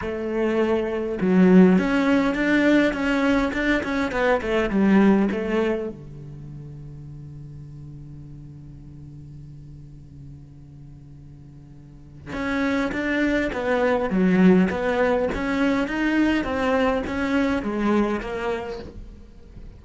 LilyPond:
\new Staff \with { instrumentName = "cello" } { \time 4/4 \tempo 4 = 102 a2 fis4 cis'4 | d'4 cis'4 d'8 cis'8 b8 a8 | g4 a4 d2~ | d1~ |
d1~ | d4 cis'4 d'4 b4 | fis4 b4 cis'4 dis'4 | c'4 cis'4 gis4 ais4 | }